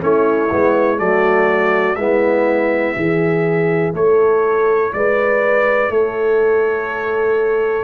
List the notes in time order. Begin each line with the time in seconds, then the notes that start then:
0.00 A3 C#4 E4 C#5
0.51 G#3 B3
0.97 F#3 A3 F#4 D5
1.95 G#3 B3 E4 E5
2.95 E3 E4 G#4
3.94 A3 A4 C#5
4.93 G#3 B4 D5
5.90 A3 A4 C#5